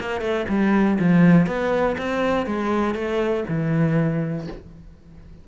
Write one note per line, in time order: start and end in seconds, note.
0.00 0.21 A#3
0.21 0.46 A3
0.49 0.98 G3
0.99 1.47 F3
1.47 1.97 B3
1.98 2.47 C4
2.47 2.95 G#3
2.95 3.44 A3
3.48 4.48 E3